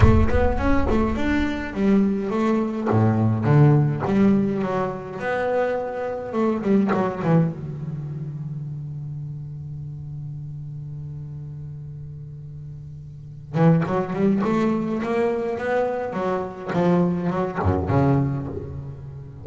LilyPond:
\new Staff \with { instrumentName = "double bass" } { \time 4/4 \tempo 4 = 104 a8 b8 cis'8 a8 d'4 g4 | a4 a,4 d4 g4 | fis4 b2 a8 g8 | fis8 e8 d2.~ |
d1~ | d2.~ d8 e8 | fis8 g8 a4 ais4 b4 | fis4 f4 fis8 fis,8 cis4 | }